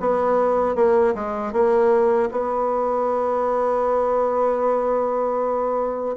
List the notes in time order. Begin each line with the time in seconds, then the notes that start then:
0.00 B3
0.76 A#3
1.15 G#3
1.53 A#3
2.32 B3